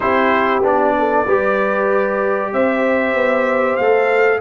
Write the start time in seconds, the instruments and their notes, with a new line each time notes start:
0.00 tuba C4, trombone E4, horn G4, trumpet C5
0.62 tuba B3, trombone D4, trumpet D5
0.98 horn A4
1.25 tuba G3, trombone G4, horn B4
2.52 tuba C4, horn C5, trumpet E5
3.14 tuba B3
3.76 tuba A3, trombone A4, trumpet F5